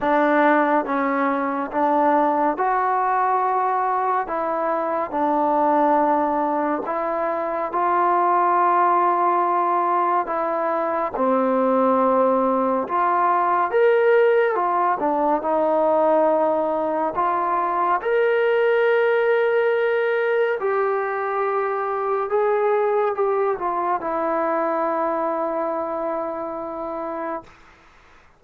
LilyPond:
\new Staff \with { instrumentName = "trombone" } { \time 4/4 \tempo 4 = 70 d'4 cis'4 d'4 fis'4~ | fis'4 e'4 d'2 | e'4 f'2. | e'4 c'2 f'4 |
ais'4 f'8 d'8 dis'2 | f'4 ais'2. | g'2 gis'4 g'8 f'8 | e'1 | }